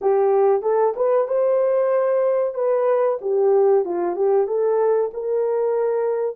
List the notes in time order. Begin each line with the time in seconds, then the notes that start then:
0.01 G4
0.62 A4
0.96 B4
1.27 C5
2.54 B4
3.21 G4
3.85 F4
4.15 G4
4.47 A4
5.13 A#4